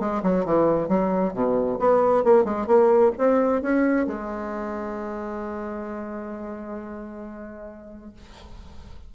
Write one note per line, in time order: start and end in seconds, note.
0.00 0.23 G#3
0.23 0.46 F#3
0.46 0.89 E3
0.89 1.34 F#3
1.34 1.79 B2
1.80 2.24 B3
2.24 2.45 A#3
2.45 2.67 G#3
2.67 3.13 A#3
3.18 3.62 C4
3.62 4.07 C#4
4.07 8.13 G#3